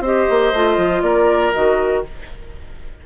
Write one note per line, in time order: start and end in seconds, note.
0.00 0.25 C4
0.00 0.54 G4
0.00 1.02 C5
0.00 1.01 D#5
0.29 0.52 A#3
0.52 0.77 A3
0.52 1.53 F4
0.77 1.02 F3
1.01 1.52 A#3
1.01 2.04 A#4
1.01 1.52 D5
1.53 2.06 D#3
1.53 2.03 F#4
1.53 2.03 D#5